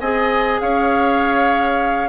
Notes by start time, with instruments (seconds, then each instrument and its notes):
0.00 bassoon C4, clarinet G#4, oboe D#5, flute G#5
0.60 bassoon C#4, oboe C#5, flute F5